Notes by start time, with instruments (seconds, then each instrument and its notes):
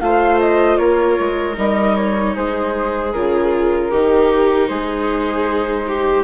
0.00 bassoon A3, viola F4 C5, flute F5
0.40 flute D#5
0.77 bassoon A#3, viola A#4, flute C#5
1.19 bassoon G#3
1.54 bassoon G3, viola D#4, flute D#5
1.96 flute C#5
2.35 bassoon G#3, viola G#4, flute C5
3.12 bassoon C#3, viola F4, flute A#4
3.90 bassoon D#3, viola D#4 G4
4.68 bassoon G#3, viola G#4, flute C5
5.88 viola G4